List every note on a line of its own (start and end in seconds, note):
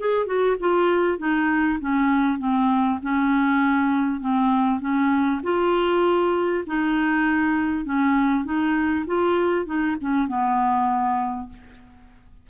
0.00 0.26 G#4
0.26 0.57 F#4
0.60 1.19 F4
1.19 1.80 D#4
1.81 2.39 C#4
2.39 3.00 C4
3.03 4.21 C#4
4.21 4.81 C4
4.81 5.42 C#4
5.44 6.65 F4
6.67 7.86 D#4
7.86 8.45 C#4
8.45 9.06 D#4
9.07 9.66 F4
9.66 9.97 D#4
10.01 10.28 C#4
10.28 11.50 B3